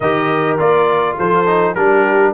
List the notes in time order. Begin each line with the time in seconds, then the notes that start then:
0.00 D#3 G4 A#4 D#5
0.58 A#3 F4 D5
1.17 F3 A4 C5
1.46 D#4
1.74 G3 D4 G4 A#4